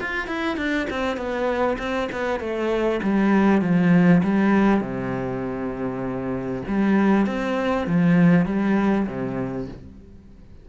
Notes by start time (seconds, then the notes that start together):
0.00 F4
0.27 E4
0.57 D4
0.90 C4
1.16 B3
1.78 C4
2.12 B3
2.40 A3
3.02 G3
3.61 F3
4.23 G3
4.80 C3
6.67 G3
7.26 C4
7.87 F3
8.45 G3
9.07 C3